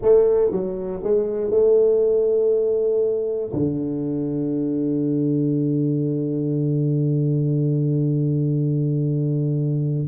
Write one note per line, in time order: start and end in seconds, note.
0.01 0.51 A3
0.51 1.01 F#3
1.03 1.50 G#3
1.50 3.52 A3
3.52 10.07 D3